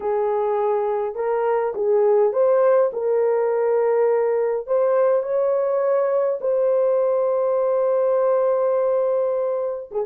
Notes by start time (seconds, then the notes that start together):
0.00 G#4
1.15 A#4
1.74 G#4
2.32 C5
2.93 A#4
4.66 C5
5.22 C#5
6.40 C5
9.91 G#4